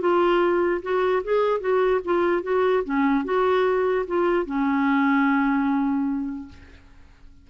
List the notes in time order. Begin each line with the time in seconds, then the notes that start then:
0.00 F4
0.82 F#4
1.23 G#4
1.60 F#4
2.04 F4
2.42 F#4
2.84 C#4
3.24 F#4
4.07 F4
4.46 C#4